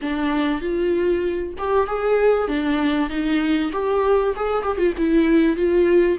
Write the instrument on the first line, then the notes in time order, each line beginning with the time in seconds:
viola
0.01 D4
0.61 F4
1.57 G4
1.86 G#4
2.47 D4
3.09 D#4
3.72 G4
4.36 G#4
4.63 G4
4.77 F4
4.97 E4
5.56 F4